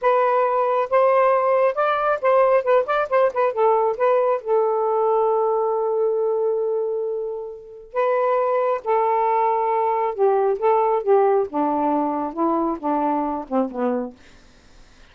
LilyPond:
\new Staff \with { instrumentName = "saxophone" } { \time 4/4 \tempo 4 = 136 b'2 c''2 | d''4 c''4 b'8 d''8 c''8 b'8 | a'4 b'4 a'2~ | a'1~ |
a'2 b'2 | a'2. g'4 | a'4 g'4 d'2 | e'4 d'4. c'8 b4 | }